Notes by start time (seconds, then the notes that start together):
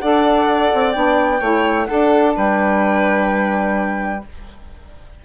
0.00 D4 A4 D5 F#5
0.73 C4
0.92 B3 D4 G5
1.40 A3 E4 C#5
1.86 D4 A4 F#5
2.36 G3 B4 G5